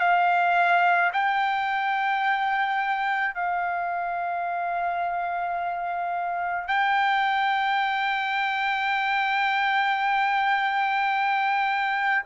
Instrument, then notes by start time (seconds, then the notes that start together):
trumpet
0.00 F5
1.13 G5
3.35 F5
6.68 G5